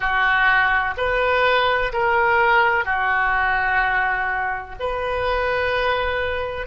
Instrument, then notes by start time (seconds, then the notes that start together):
oboe
0.00 F#4
0.97 B4
1.92 A#4
2.84 F#4
4.79 B4